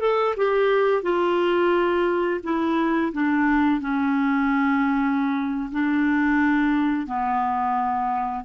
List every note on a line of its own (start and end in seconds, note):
0.00 0.34 A4
0.36 1.02 G4
1.02 2.40 F4
2.43 3.12 E4
3.12 3.80 D4
3.80 5.70 C#4
5.71 7.06 D4
7.06 8.44 B3